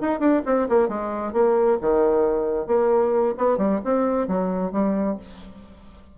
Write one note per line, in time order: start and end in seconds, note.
0.00 0.19 D#4
0.19 0.42 D4
0.45 0.68 C4
0.69 0.88 A#3
0.88 1.33 G#3
1.33 1.78 A#3
1.81 2.67 D#3
2.67 3.34 A#3
3.37 3.57 B3
3.57 3.80 G3
3.84 4.28 C4
4.28 4.72 F#3
4.72 5.17 G3